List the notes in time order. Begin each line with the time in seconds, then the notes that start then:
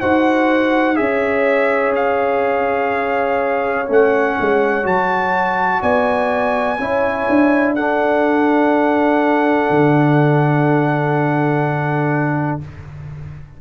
0.00 D#4 F#4 C5 F#5
0.96 C#4 G#4 C#5 E5
1.96 F5
3.87 A3 C#4 F#5
4.40 G#3
4.84 F#3 F#4 A5
5.82 B3 D5 G#5
6.79 C#4 E4 C#5
7.30 D4
7.75 D4 A4 F#5
9.70 D3